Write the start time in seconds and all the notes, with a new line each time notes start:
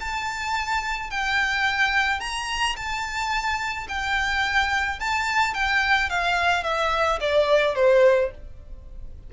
0.00 A5
1.11 G5
2.20 A#5
2.77 A5
3.88 G5
5.00 A5
5.54 G5
6.10 F5
6.64 E5
7.20 D5
7.76 C5